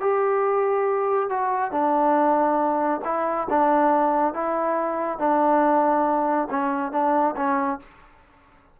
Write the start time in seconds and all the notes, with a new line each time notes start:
0.00 G4
1.29 F#4
1.71 D4
3.04 E4
3.49 D4
4.34 E4
5.18 D4
6.50 C#4
6.92 D4
7.36 C#4